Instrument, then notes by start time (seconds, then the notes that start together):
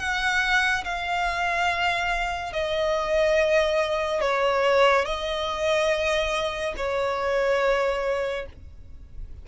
violin
0.00 F#5
0.85 F5
2.53 D#5
4.21 C#5
5.06 D#5
6.77 C#5